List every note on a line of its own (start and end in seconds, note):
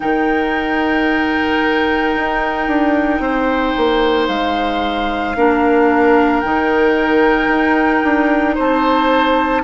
0.00 2.16 D#3
0.00 5.35 D#4
0.00 3.21 A#4
0.00 4.28 G5
2.16 2.67 D#4
2.67 3.19 D4
3.19 3.73 C4
3.19 5.36 C5
3.76 4.28 A#3
4.28 5.35 G#3
4.28 6.40 F5
5.35 6.42 A#3
5.35 6.43 D4
5.35 8.54 A#4
6.40 7.48 D#3
6.40 9.63 D#4
6.40 8.54 G5
7.48 8.01 D#4
8.03 8.57 D4
8.54 9.63 C4
8.54 9.61 C5
8.54 9.63 A5